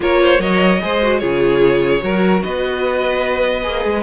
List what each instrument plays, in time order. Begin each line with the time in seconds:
0.00 cello A#3, viola F4, violin A#4 C#5
0.21 violin C5
0.39 cello F#3, viola A#4, violin C#5 D#5
0.81 cello G#3, viola G#4, violin C5
1.02 viola F#4
1.18 cello C#3, viola F4, violin G#4 C#5
1.99 cello F#3, viola F#4, violin A#4
2.42 cello B3, violin B4 D#5
3.62 cello A#3, viola G#4
3.84 cello G#3